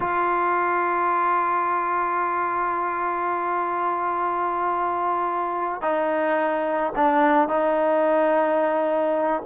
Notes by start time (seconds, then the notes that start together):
0.00 F4
5.81 D#4
6.95 D4
7.48 D#4